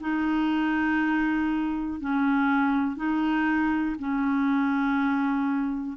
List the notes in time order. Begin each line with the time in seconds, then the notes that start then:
0.00 D#4
2.00 C#4
2.96 D#4
3.99 C#4